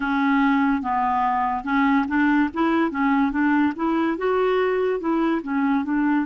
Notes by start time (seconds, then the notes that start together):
0.00 C#4
0.81 B3
1.64 C#4
2.08 D4
2.53 E4
2.91 C#4
3.31 D4
3.75 E4
4.17 F#4
5.00 E4
5.42 C#4
5.84 D4